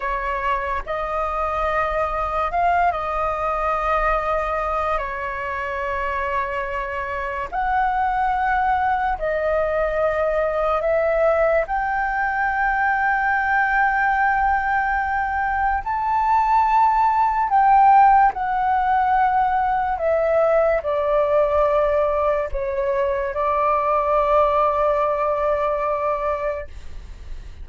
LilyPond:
\new Staff \with { instrumentName = "flute" } { \time 4/4 \tempo 4 = 72 cis''4 dis''2 f''8 dis''8~ | dis''2 cis''2~ | cis''4 fis''2 dis''4~ | dis''4 e''4 g''2~ |
g''2. a''4~ | a''4 g''4 fis''2 | e''4 d''2 cis''4 | d''1 | }